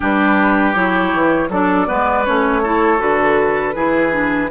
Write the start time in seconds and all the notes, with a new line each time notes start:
0.00 G3 D4 G4 B4
0.74 F#3 E4 C#5
1.13 E3
1.49 F#3 D4 A4 D5
1.86 G#3 B3 B4
2.25 A3 C#4 C#5
2.62 E4 A4
2.98 D3 F#4 B4
3.75 E3 E4 G#4
4.11 D4